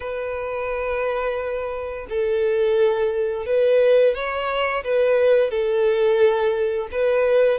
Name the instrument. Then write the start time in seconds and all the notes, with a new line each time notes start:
violin
0.00 B4
2.09 A4
3.46 B4
4.14 C#5
4.84 B4
5.50 A4
6.91 B4